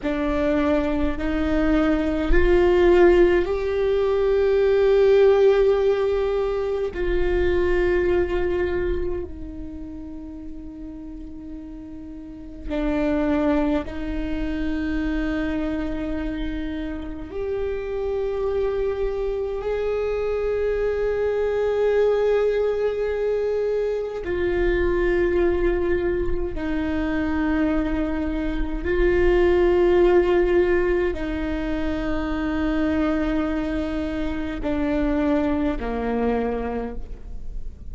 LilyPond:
\new Staff \with { instrumentName = "viola" } { \time 4/4 \tempo 4 = 52 d'4 dis'4 f'4 g'4~ | g'2 f'2 | dis'2. d'4 | dis'2. g'4~ |
g'4 gis'2.~ | gis'4 f'2 dis'4~ | dis'4 f'2 dis'4~ | dis'2 d'4 ais4 | }